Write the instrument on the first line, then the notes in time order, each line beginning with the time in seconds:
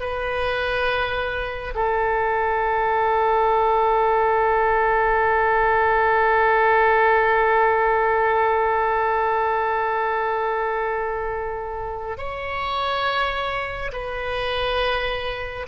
oboe
0.00 B4
1.75 A4
12.17 C#5
13.92 B4